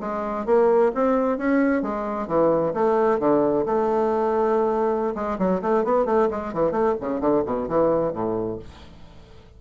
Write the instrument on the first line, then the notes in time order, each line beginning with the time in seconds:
bassoon
0.00 G#3
0.46 A#3
0.94 C4
1.37 C#4
1.82 G#3
2.27 E3
2.73 A3
3.19 D3
3.66 A3
5.15 G#3
5.38 F#3
5.61 A3
5.84 B3
6.05 A3
6.30 G#3
6.53 E3
6.71 A3
7.00 C#3
7.21 D3
7.45 B2
7.68 E3
8.13 A2